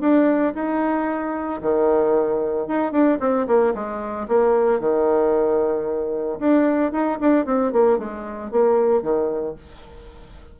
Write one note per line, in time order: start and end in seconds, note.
0.00 0.53 D4
0.54 1.60 D#4
1.61 2.67 D#3
2.67 2.92 D#4
2.92 3.18 D4
3.20 3.46 C4
3.47 3.73 A#3
3.74 4.27 G#3
4.28 4.80 A#3
4.80 6.39 D#3
6.39 6.92 D4
6.92 7.18 D#4
7.20 7.45 D4
7.45 7.72 C4
7.72 7.98 A#3
7.98 8.51 G#3
8.51 9.02 A#3
9.02 9.55 D#3